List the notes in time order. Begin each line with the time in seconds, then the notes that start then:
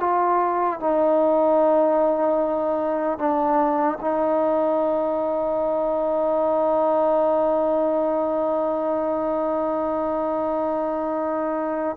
0.00 F4
0.80 D#4
3.19 D4
4.01 D#4